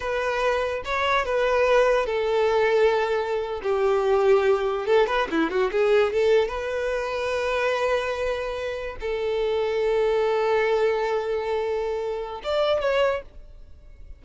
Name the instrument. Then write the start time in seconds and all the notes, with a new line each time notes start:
violin
0.00 B4
0.84 C#5
1.25 B4
2.06 A4
3.62 G4
4.86 A4
5.06 B4
5.31 E4
5.50 F#4
5.71 G#4
6.12 A4
6.48 B4
9.00 A4
12.43 D5
12.80 C#5